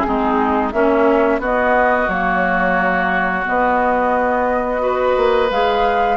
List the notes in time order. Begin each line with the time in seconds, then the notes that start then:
0.00 C4 G#4
0.07 G#3 D#4
0.72 A#3 C#4 E5
1.39 B3 F#4 D#5
2.08 F#3 A#3 C#5
3.45 B3 D#5
4.79 F#4 B4
5.17 A#3
5.51 G#3 G#4 F5